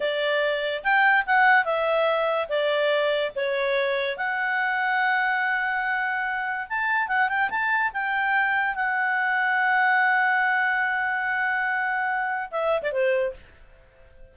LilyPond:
\new Staff \with { instrumentName = "clarinet" } { \time 4/4 \tempo 4 = 144 d''2 g''4 fis''4 | e''2 d''2 | cis''2 fis''2~ | fis''1 |
a''4 fis''8 g''8 a''4 g''4~ | g''4 fis''2.~ | fis''1~ | fis''2 e''8. d''16 c''4 | }